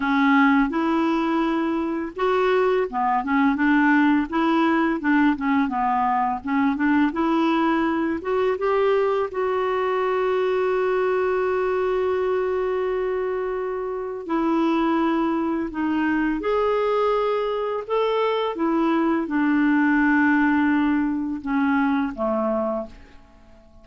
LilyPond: \new Staff \with { instrumentName = "clarinet" } { \time 4/4 \tempo 4 = 84 cis'4 e'2 fis'4 | b8 cis'8 d'4 e'4 d'8 cis'8 | b4 cis'8 d'8 e'4. fis'8 | g'4 fis'2.~ |
fis'1 | e'2 dis'4 gis'4~ | gis'4 a'4 e'4 d'4~ | d'2 cis'4 a4 | }